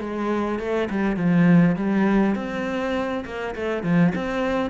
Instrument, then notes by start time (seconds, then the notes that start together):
cello
0.00 G#3
0.59 A3
0.90 G3
1.16 F3
1.76 G3
2.35 C4
3.25 A#3
3.55 A3
3.83 F3
4.15 C4